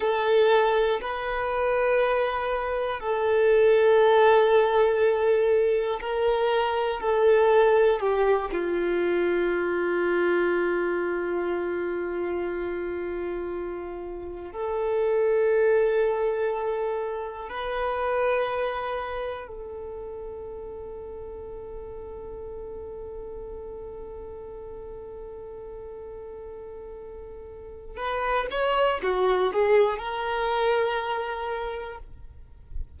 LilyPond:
\new Staff \with { instrumentName = "violin" } { \time 4/4 \tempo 4 = 60 a'4 b'2 a'4~ | a'2 ais'4 a'4 | g'8 f'2.~ f'8~ | f'2~ f'8 a'4.~ |
a'4. b'2 a'8~ | a'1~ | a'1 | b'8 cis''8 fis'8 gis'8 ais'2 | }